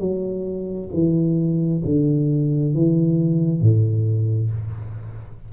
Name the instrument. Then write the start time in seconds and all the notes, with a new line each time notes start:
tuba
0.00 F#3
0.94 E3
1.85 D3
2.74 E3
3.61 A2